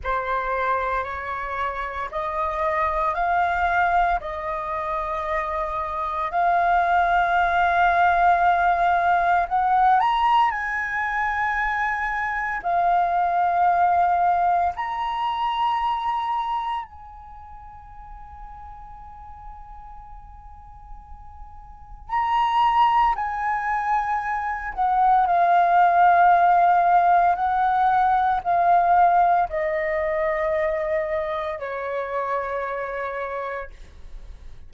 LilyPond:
\new Staff \with { instrumentName = "flute" } { \time 4/4 \tempo 4 = 57 c''4 cis''4 dis''4 f''4 | dis''2 f''2~ | f''4 fis''8 ais''8 gis''2 | f''2 ais''2 |
gis''1~ | gis''4 ais''4 gis''4. fis''8 | f''2 fis''4 f''4 | dis''2 cis''2 | }